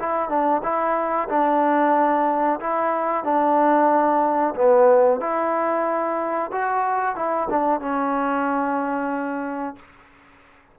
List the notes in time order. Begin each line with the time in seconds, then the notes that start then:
0.00 E4
0.29 D4
0.64 E4
1.30 D4
2.60 E4
3.24 D4
4.55 B3
5.21 E4
6.52 F#4
7.16 E4
7.50 D4
7.81 C#4